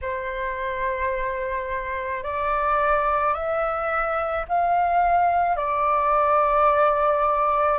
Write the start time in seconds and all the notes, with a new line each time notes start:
0.01 C5
2.23 D5
3.33 E5
4.48 F5
5.56 D5